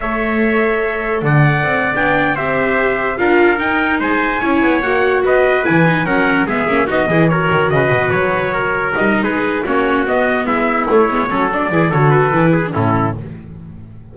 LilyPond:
<<
  \new Staff \with { instrumentName = "trumpet" } { \time 4/4 \tempo 4 = 146 e''2. fis''4~ | fis''8. g''4 e''2 f''16~ | f''8. g''4 gis''2 fis''16~ | fis''8. dis''4 gis''4 fis''4 e''16~ |
e''8. dis''4 cis''4 dis''4 cis''16~ | cis''4.~ cis''16 dis''8. b'4 cis''8~ | cis''8 dis''4 e''4 cis''4. | d''4 cis''8 b'4. a'4 | }
  \new Staff \with { instrumentName = "trumpet" } { \time 4/4 cis''2. d''4~ | d''4.~ d''16 c''2 ais'16~ | ais'4.~ ais'16 c''4 cis''4~ cis''16~ | cis''8. b'2 ais'4 gis'16~ |
gis'8. fis'8 gis'8 ais'4 b'4~ b'16~ | b'8. ais'4.~ ais'16 gis'4 fis'8~ | fis'4. e'2 a'8~ | a'8 gis'8 a'4. gis'8 e'4 | }
  \new Staff \with { instrumentName = "viola" } { \time 4/4 a'1~ | a'8. d'4 g'2 f'16~ | f'8. dis'2 e'4 fis'16~ | fis'4.~ fis'16 e'8 dis'8 cis'4 b16~ |
b16 cis'8 dis'8 e'8 fis'2~ fis'16~ | fis'4.~ fis'16 dis'4.~ dis'16 cis'8~ | cis'8 b2 a8 b8 cis'8 | d'8 e'8 fis'4 e'8. d'16 cis'4 | }
  \new Staff \with { instrumentName = "double bass" } { \time 4/4 a2. d4 | c'8. b4 c'2 d'16~ | d'8. dis'4 gis4 cis'8 b8 ais16~ | ais8. b4 e4 fis4 gis16~ |
gis16 ais8 b8 e4 dis8 cis8 b,8 fis16~ | fis4.~ fis16 g8. gis4 ais8~ | ais8 b4 gis4 a8 gis8 fis8~ | fis8 e8 d4 e4 a,4 | }
>>